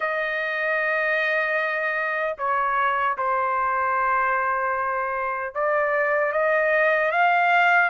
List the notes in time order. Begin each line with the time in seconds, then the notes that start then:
0.00 D#5
2.38 C#5
3.17 C5
5.54 D5
6.32 D#5
7.11 F5